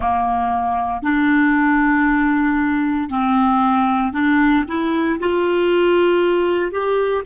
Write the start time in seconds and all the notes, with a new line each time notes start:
0.00 A#3
1.02 D4
3.09 C4
4.12 D4
4.67 E4
5.20 F4
6.71 G4